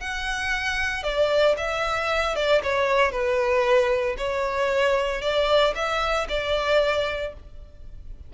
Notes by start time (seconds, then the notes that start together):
0.00 F#5
1.03 D5
1.57 E5
2.35 D5
2.63 C#5
3.12 B4
4.18 C#5
5.22 D5
5.75 E5
6.29 D5